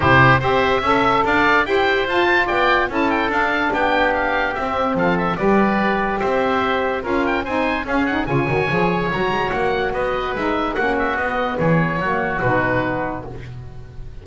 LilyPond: <<
  \new Staff \with { instrumentName = "oboe" } { \time 4/4 \tempo 4 = 145 c''4 e''2 f''4 | g''4 a''4 g''4 a''8 g''8 | f''4 g''4 f''4 e''4 | f''8 e''8 d''2 e''4~ |
e''4 f''8 g''8 gis''4 f''8 fis''8 | gis''2 ais''4 fis''4 | dis''4 e''4 fis''8 e''8 dis''4 | cis''2 b'2 | }
  \new Staff \with { instrumentName = "oboe" } { \time 4/4 g'4 c''4 e''4 d''4 | c''2 d''4 a'4~ | a'4 g'2. | a'4 b'2 c''4~ |
c''4 ais'4 c''4 gis'4 | cis''1 | b'2 fis'2 | gis'4 fis'2. | }
  \new Staff \with { instrumentName = "saxophone" } { \time 4/4 e'4 g'4 a'2 | g'4 f'2 e'4 | d'2. c'4~ | c'4 g'2.~ |
g'4 f'4 dis'4 cis'8 dis'8 | f'8 fis'8 gis'4 fis'2~ | fis'4 dis'4 cis'4 b4~ | b4 ais4 dis'2 | }
  \new Staff \with { instrumentName = "double bass" } { \time 4/4 c4 c'4 cis'4 d'4 | e'4 f'4 b4 cis'4 | d'4 b2 c'4 | f4 g2 c'4~ |
c'4 cis'4 c'4 cis'4 | cis8 dis8 f4 fis8 gis8 ais4 | b4 gis4 ais4 b4 | e4 fis4 b,2 | }
>>